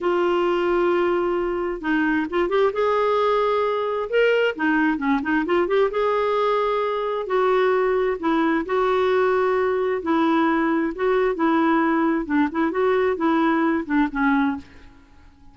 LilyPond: \new Staff \with { instrumentName = "clarinet" } { \time 4/4 \tempo 4 = 132 f'1 | dis'4 f'8 g'8 gis'2~ | gis'4 ais'4 dis'4 cis'8 dis'8 | f'8 g'8 gis'2. |
fis'2 e'4 fis'4~ | fis'2 e'2 | fis'4 e'2 d'8 e'8 | fis'4 e'4. d'8 cis'4 | }